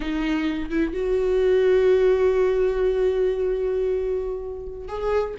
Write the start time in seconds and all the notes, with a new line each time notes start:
0.00 D#4
0.70 E4
0.93 F#4
4.88 G#4